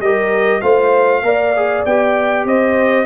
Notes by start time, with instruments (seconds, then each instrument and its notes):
0.00 tuba G3, trombone G4, horn A#4, trumpet D#5
0.61 tuba A3, trombone F4, horn C5, trumpet F5
1.23 tuba A#3, trombone A#4, horn D5
1.57 trombone G#4
1.86 tuba B3, trombone G4, trumpet G5
2.45 tuba C4, horn C5, trumpet D#5